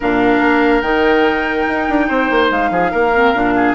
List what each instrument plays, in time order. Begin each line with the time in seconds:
0.00 bassoon A#2, clarinet D4, oboe A#4, flute F5
0.40 bassoon A#3
0.81 bassoon D#3, clarinet D#4, flute G5
1.67 bassoon D#4
1.88 bassoon D4
2.08 bassoon C4, oboe C5
2.30 bassoon A#3
2.50 bassoon G#3, flute F5
2.70 bassoon F3, oboe G#4
2.91 bassoon A#3, oboe A#4
3.14 clarinet C4
3.34 bassoon A#2, clarinet D4
3.55 oboe G#4